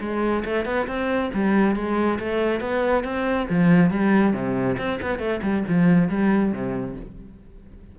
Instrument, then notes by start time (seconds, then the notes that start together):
cello
0.00 G#3
0.44 A3
0.65 B3
0.87 C4
1.33 G3
1.75 G#3
2.19 A3
2.60 B3
3.03 C4
3.49 F3
3.90 G3
4.33 C3
4.77 C4
5.01 B3
5.18 A3
5.42 G3
5.68 F3
6.08 G3
6.52 C3